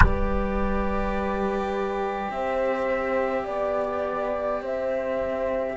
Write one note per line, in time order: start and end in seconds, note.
0.00 2.28 G3
0.00 5.77 G4
0.00 2.32 B4
0.00 2.31 D5
2.30 3.45 C4
2.30 3.44 C5
2.30 3.46 E5
3.44 4.61 B3
3.44 4.60 D5
3.44 4.62 D5
4.61 5.76 C4
4.61 5.77 C5
4.61 5.77 E5